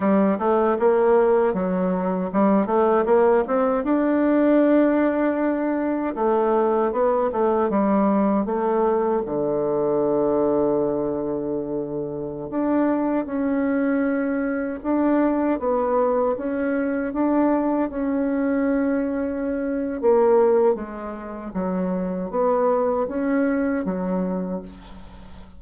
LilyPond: \new Staff \with { instrumentName = "bassoon" } { \time 4/4 \tempo 4 = 78 g8 a8 ais4 fis4 g8 a8 | ais8 c'8 d'2. | a4 b8 a8 g4 a4 | d1~ |
d16 d'4 cis'2 d'8.~ | d'16 b4 cis'4 d'4 cis'8.~ | cis'2 ais4 gis4 | fis4 b4 cis'4 fis4 | }